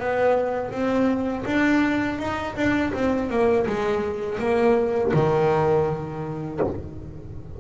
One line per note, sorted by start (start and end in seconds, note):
0.00 0.72 B3
0.72 1.45 C4
1.46 2.19 D4
2.19 2.55 D#4
2.56 2.93 D4
2.93 3.30 C4
3.30 3.66 A#3
3.67 4.39 G#3
4.39 5.12 A#3
5.14 6.60 D#3